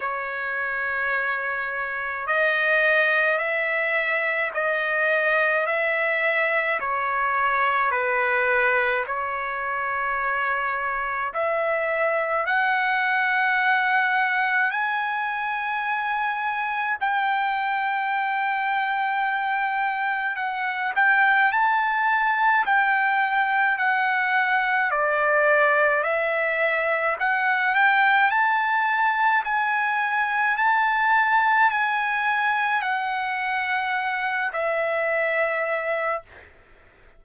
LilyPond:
\new Staff \with { instrumentName = "trumpet" } { \time 4/4 \tempo 4 = 53 cis''2 dis''4 e''4 | dis''4 e''4 cis''4 b'4 | cis''2 e''4 fis''4~ | fis''4 gis''2 g''4~ |
g''2 fis''8 g''8 a''4 | g''4 fis''4 d''4 e''4 | fis''8 g''8 a''4 gis''4 a''4 | gis''4 fis''4. e''4. | }